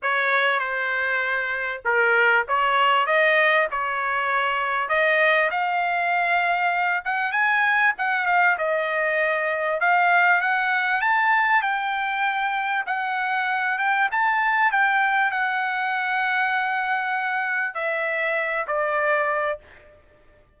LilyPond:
\new Staff \with { instrumentName = "trumpet" } { \time 4/4 \tempo 4 = 98 cis''4 c''2 ais'4 | cis''4 dis''4 cis''2 | dis''4 f''2~ f''8 fis''8 | gis''4 fis''8 f''8 dis''2 |
f''4 fis''4 a''4 g''4~ | g''4 fis''4. g''8 a''4 | g''4 fis''2.~ | fis''4 e''4. d''4. | }